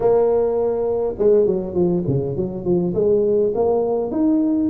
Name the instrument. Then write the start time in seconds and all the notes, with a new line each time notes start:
tuba
0.00 A#3
1.18 G#3
1.46 F#3
1.74 F3
2.07 C#3
2.36 F#3
2.64 F3
2.94 G#3
3.55 A#3
4.11 D#4